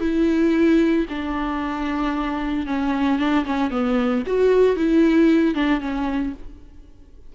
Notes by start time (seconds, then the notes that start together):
0.00 E4
1.09 D4
2.66 C#4
3.18 D4
3.45 C#4
3.70 B3
4.26 F#4
4.76 E4
5.54 D4
5.80 C#4